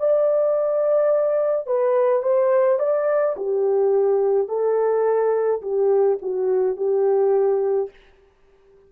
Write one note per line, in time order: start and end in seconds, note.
0.00 1.67 D5
1.67 2.23 B4
2.23 2.79 C5
2.79 3.36 D5
3.37 4.49 G4
4.49 5.62 A4
5.62 6.19 G4
6.22 6.77 F#4
6.77 7.90 G4